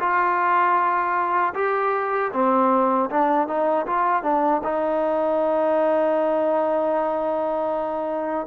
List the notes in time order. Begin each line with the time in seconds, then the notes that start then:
0.00 F4
1.55 G4
2.33 C4
3.10 D4
3.48 D#4
3.87 F4
4.23 D4
4.64 D#4